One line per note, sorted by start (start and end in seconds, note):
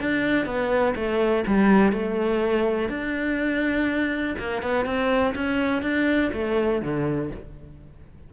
0.00 0.45 D4
0.45 0.94 B3
0.95 1.44 A3
1.47 1.92 G3
1.92 2.89 A3
2.89 4.35 D4
4.39 4.62 A#3
4.62 4.85 B3
4.85 5.34 C4
5.35 5.82 C#4
5.82 6.31 D4
6.33 6.81 A3
6.81 7.30 D3